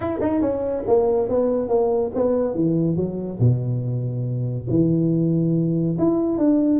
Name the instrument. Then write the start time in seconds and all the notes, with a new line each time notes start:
tuba
0.00 E4
0.21 D#4
0.41 C#4
0.87 A#3
1.28 B3
1.68 A#3
2.15 B3
2.55 E3
2.96 F#3
3.39 B2
4.69 E3
5.98 E4
6.38 D4